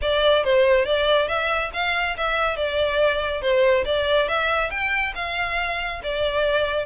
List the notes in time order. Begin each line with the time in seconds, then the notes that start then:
0.01 D5
0.44 C5
0.85 D5
1.28 E5
1.73 F5
2.17 E5
2.56 D5
3.41 C5
3.85 D5
4.28 E5
4.70 G5
5.15 F5
6.03 D5